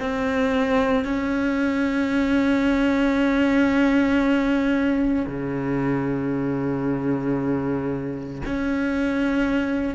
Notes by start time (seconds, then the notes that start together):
0.00 C4
1.05 C#4
5.27 C#3
8.45 C#4